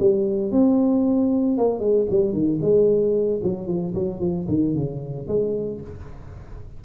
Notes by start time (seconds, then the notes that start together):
0.00 G3
0.52 C4
1.58 A#3
1.80 G#3
2.10 G3
2.33 D#3
2.62 G#3
3.44 F#3
3.68 F3
3.95 F#3
4.20 F3
4.49 D#3
4.75 C#3
5.28 G#3